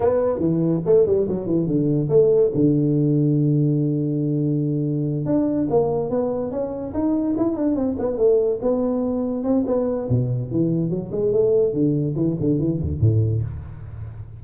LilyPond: \new Staff \with { instrumentName = "tuba" } { \time 4/4 \tempo 4 = 143 b4 e4 a8 g8 fis8 e8 | d4 a4 d2~ | d1~ | d8 d'4 ais4 b4 cis'8~ |
cis'8 dis'4 e'8 d'8 c'8 b8 a8~ | a8 b2 c'8 b4 | b,4 e4 fis8 gis8 a4 | d4 e8 d8 e8 d,8 a,4 | }